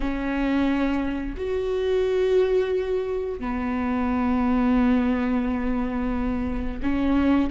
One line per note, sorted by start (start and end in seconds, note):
0.00 1.35 C#4
1.37 3.39 F#4
3.39 6.80 B3
6.82 7.50 C#4